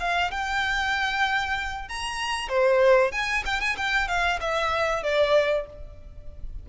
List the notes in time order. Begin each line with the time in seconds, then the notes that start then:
0.00 F5
0.32 G5
1.89 A#5
2.49 C5
3.13 G#5
3.46 G5
3.61 G#5
3.78 G5
4.09 F5
4.41 E5
5.04 D5